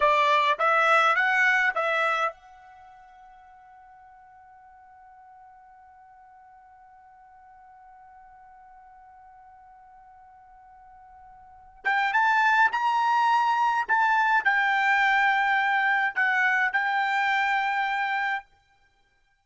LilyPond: \new Staff \with { instrumentName = "trumpet" } { \time 4/4 \tempo 4 = 104 d''4 e''4 fis''4 e''4 | fis''1~ | fis''1~ | fis''1~ |
fis''1~ | fis''8 g''8 a''4 ais''2 | a''4 g''2. | fis''4 g''2. | }